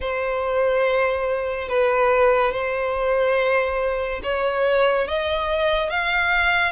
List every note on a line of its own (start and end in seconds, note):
0.00 1.68 C5
1.68 2.52 B4
2.52 4.21 C5
4.23 5.07 C#5
5.07 5.90 D#5
5.90 6.72 F5